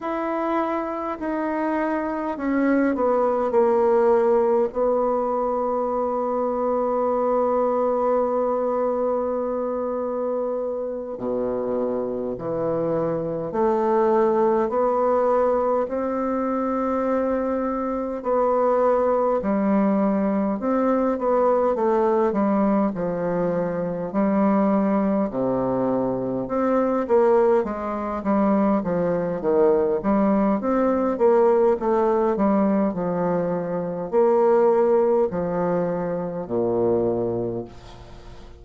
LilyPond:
\new Staff \with { instrumentName = "bassoon" } { \time 4/4 \tempo 4 = 51 e'4 dis'4 cis'8 b8 ais4 | b1~ | b4. b,4 e4 a8~ | a8 b4 c'2 b8~ |
b8 g4 c'8 b8 a8 g8 f8~ | f8 g4 c4 c'8 ais8 gis8 | g8 f8 dis8 g8 c'8 ais8 a8 g8 | f4 ais4 f4 ais,4 | }